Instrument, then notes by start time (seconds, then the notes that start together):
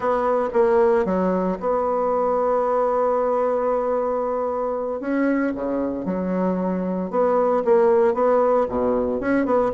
bassoon
0.00 B3
0.53 A#3
1.05 F#3
1.60 B3
5.00 C#4
5.54 C#3
6.05 F#3
7.10 B3
7.64 A#3
8.14 B3
8.68 B2
9.20 C#4
9.45 B3